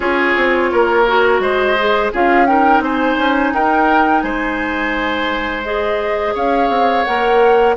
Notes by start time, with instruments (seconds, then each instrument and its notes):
0.00 bassoon C#4, clarinet F4, oboe G#4, flute C#5
0.36 bassoon C4
0.71 bassoon A#3, oboe A#4
1.06 clarinet F#4
1.39 bassoon G#3, oboe C5, flute D#5
1.77 clarinet G#4
2.12 bassoon C#4, clarinet F4, oboe G#4, flute F5
2.46 clarinet D#4, oboe A#4, flute G5
2.79 bassoon C4, oboe C5, flute G#5
3.18 bassoon C#4
3.52 bassoon D#4, oboe A#4, flute G5
4.22 bassoon G#3, oboe C5, flute G#5
5.63 clarinet G#4, flute D#5
6.34 bassoon C#4, oboe C#5, flute F5
6.69 bassoon C4
7.04 bassoon A#3, clarinet A#4, flute F#5